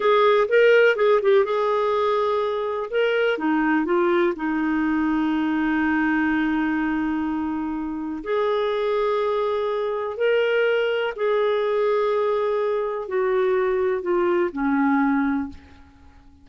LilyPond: \new Staff \with { instrumentName = "clarinet" } { \time 4/4 \tempo 4 = 124 gis'4 ais'4 gis'8 g'8 gis'4~ | gis'2 ais'4 dis'4 | f'4 dis'2.~ | dis'1~ |
dis'4 gis'2.~ | gis'4 ais'2 gis'4~ | gis'2. fis'4~ | fis'4 f'4 cis'2 | }